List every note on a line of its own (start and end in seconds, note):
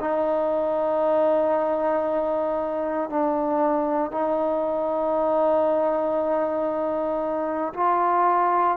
0.00 3.09 D#4
3.09 4.11 D4
4.11 7.74 D#4
7.74 8.77 F4